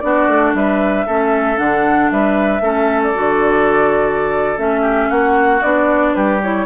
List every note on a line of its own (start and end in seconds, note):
0.00 0.27 B3
0.00 1.07 D4
0.00 0.57 F#4
0.00 0.52 D5
0.27 0.54 A3
0.54 1.06 G3
0.54 1.06 B4
0.54 1.58 E5
1.06 1.59 A3
1.06 1.57 C#4
1.06 2.10 A4
1.57 2.11 D3
1.57 2.61 D4
1.57 2.11 F#5
2.12 2.61 G3
2.12 2.63 B4
2.12 3.03 E5
2.61 3.13 A3
2.61 3.15 C#4
2.61 4.82 A4
3.03 4.59 D5
3.15 4.58 D3
3.15 4.57 F#4
4.57 5.10 A3
4.57 5.62 C#4
4.57 5.11 E5
4.82 5.08 G4
5.10 5.63 A#3
5.10 6.14 F#4
5.10 5.63 F#5
5.62 6.15 B3
5.62 6.41 D4
5.62 6.14 D5
6.14 6.66 G3
6.14 6.66 G4
6.14 6.41 B4
6.43 6.66 E4
6.43 6.66 C#5